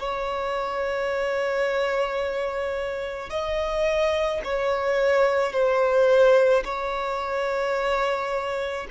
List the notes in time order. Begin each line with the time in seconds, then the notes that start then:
0.00 C#5
3.30 D#5
4.44 C#5
5.53 C5
6.65 C#5